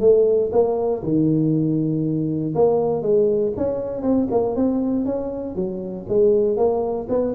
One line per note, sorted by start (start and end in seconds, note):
0.00 0.50 A3
0.52 1.02 A#3
1.03 2.54 D#3
2.55 3.02 A#3
3.02 3.52 G#3
3.57 4.02 C#4
4.02 4.27 C4
4.31 4.55 A#3
4.55 5.05 C4
5.05 5.55 C#4
5.55 6.06 F#3
6.08 6.57 G#3
6.57 7.07 A#3
7.09 7.34 B3